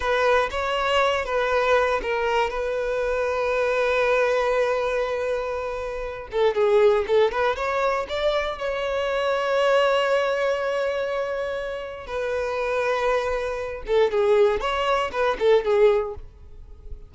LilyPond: \new Staff \with { instrumentName = "violin" } { \time 4/4 \tempo 4 = 119 b'4 cis''4. b'4. | ais'4 b'2.~ | b'1~ | b'8 a'8 gis'4 a'8 b'8 cis''4 |
d''4 cis''2.~ | cis''1 | b'2.~ b'8 a'8 | gis'4 cis''4 b'8 a'8 gis'4 | }